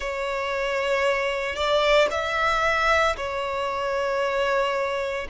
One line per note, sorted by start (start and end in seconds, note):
0.00 1.55 C#5
1.55 2.08 D5
2.11 3.16 E5
3.16 5.27 C#5